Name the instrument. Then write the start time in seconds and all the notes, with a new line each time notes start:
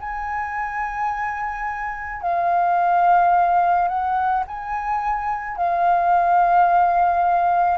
flute
0.00 G#5
2.22 F5
3.88 F#5
4.47 G#5
5.57 F5